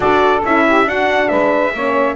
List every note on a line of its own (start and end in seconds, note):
0.00 0.42 D4
0.00 0.41 F#4
0.00 0.65 A4
0.00 0.42 D5
0.44 0.84 C#4
0.44 0.85 E4
0.44 0.88 E5
0.67 0.86 G4
0.84 1.28 D4
0.84 1.72 D4
0.84 1.29 F#4
0.84 1.28 F#5
1.28 1.74 G#3
1.28 1.73 B4
1.28 2.15 E5
1.74 2.15 A#3
1.74 2.15 C#4
1.74 2.15 C#5